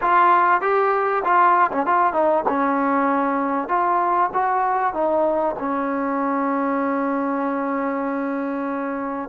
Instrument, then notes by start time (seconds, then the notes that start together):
trombone
0.01 F4
0.61 G4
1.24 F4
1.72 C#4
1.86 F4
2.13 D#4
2.48 C#4
3.68 F4
4.33 F#4
4.93 D#4
5.58 C#4